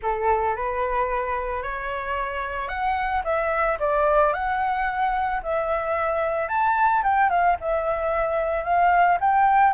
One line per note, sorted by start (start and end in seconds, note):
0.02 0.56 A4
0.56 1.62 B4
1.62 2.68 C#5
2.68 3.22 F#5
3.23 3.77 E5
3.79 4.33 D5
4.33 5.41 F#5
5.42 6.48 E5
6.48 7.02 A5
7.03 7.29 G5
7.29 7.56 F5
7.60 8.64 E5
8.64 9.18 F5
9.20 9.73 G5